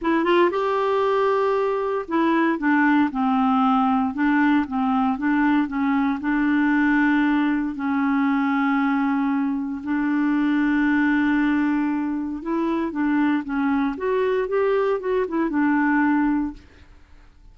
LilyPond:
\new Staff \with { instrumentName = "clarinet" } { \time 4/4 \tempo 4 = 116 e'8 f'8 g'2. | e'4 d'4 c'2 | d'4 c'4 d'4 cis'4 | d'2. cis'4~ |
cis'2. d'4~ | d'1 | e'4 d'4 cis'4 fis'4 | g'4 fis'8 e'8 d'2 | }